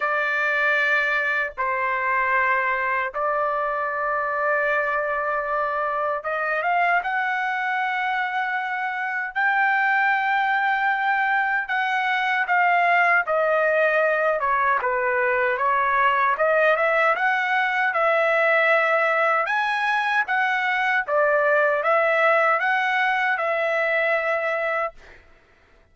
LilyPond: \new Staff \with { instrumentName = "trumpet" } { \time 4/4 \tempo 4 = 77 d''2 c''2 | d''1 | dis''8 f''8 fis''2. | g''2. fis''4 |
f''4 dis''4. cis''8 b'4 | cis''4 dis''8 e''8 fis''4 e''4~ | e''4 gis''4 fis''4 d''4 | e''4 fis''4 e''2 | }